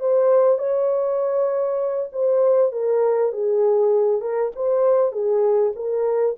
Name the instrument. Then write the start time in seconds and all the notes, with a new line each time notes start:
horn
0.00 C5
0.58 C#5
2.12 C5
2.72 A#4
3.32 G#4
4.21 A#4
4.55 C5
5.12 G#4
5.75 A#4